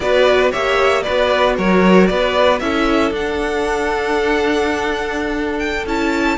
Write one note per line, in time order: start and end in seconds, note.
0.00 0.52 B3
0.00 0.52 F#4
0.00 0.51 B4
0.00 0.51 D5
0.51 1.06 A#3
0.51 1.04 G4
0.51 1.03 C#5
0.51 1.02 E5
1.02 2.61 F#4
1.02 1.55 B4
1.02 1.55 D5
1.09 1.58 B3
1.57 2.10 F#3
1.57 2.09 A#4
1.57 2.06 C#5
2.06 2.61 B3
2.06 2.62 B4
2.06 2.58 D5
2.59 3.11 C#4
2.59 3.13 E4
2.59 6.37 A4
2.59 3.12 E5
3.11 5.85 D4
3.11 5.87 D4
3.11 5.58 F#5
5.58 5.85 G5
5.86 6.37 C#4
5.86 6.37 E4
5.86 6.37 A5